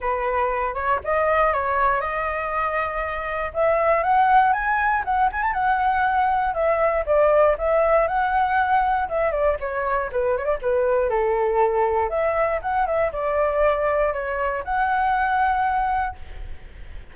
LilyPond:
\new Staff \with { instrumentName = "flute" } { \time 4/4 \tempo 4 = 119 b'4. cis''8 dis''4 cis''4 | dis''2. e''4 | fis''4 gis''4 fis''8 gis''16 a''16 fis''4~ | fis''4 e''4 d''4 e''4 |
fis''2 e''8 d''8 cis''4 | b'8 cis''16 d''16 b'4 a'2 | e''4 fis''8 e''8 d''2 | cis''4 fis''2. | }